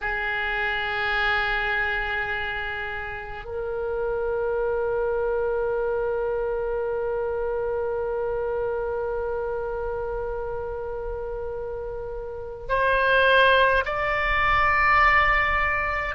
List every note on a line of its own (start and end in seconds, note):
0.01 3.44 G#4
3.44 12.67 A#4
12.68 13.84 C5
13.85 16.15 D5